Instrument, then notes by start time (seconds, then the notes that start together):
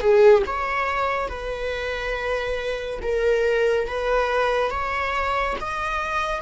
viola
0.00 G#4
0.46 C#5
1.29 B4
3.02 A#4
3.88 B4
4.71 C#5
5.61 D#5